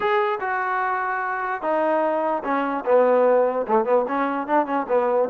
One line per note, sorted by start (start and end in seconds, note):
0.00 0.39 G#4
0.40 1.61 F#4
1.61 2.43 D#4
2.43 2.84 C#4
2.85 3.66 B3
3.67 3.84 A3
3.84 4.05 B3
4.08 4.47 C#4
4.47 4.66 D4
4.66 4.86 C#4
4.88 5.29 B3